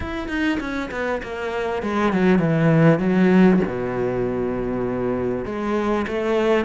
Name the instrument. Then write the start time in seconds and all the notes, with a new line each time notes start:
cello
0.00 E4
0.28 D#4
0.60 C#4
0.91 B3
1.22 A#3
1.82 G#3
2.12 F#3
2.38 E3
2.99 F#3
3.66 B2
5.45 G#3
6.07 A3